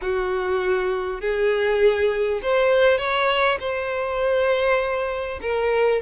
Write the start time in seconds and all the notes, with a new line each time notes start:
0.01 F#4
1.20 G#4
2.42 C5
2.98 C#5
3.60 C5
5.41 A#4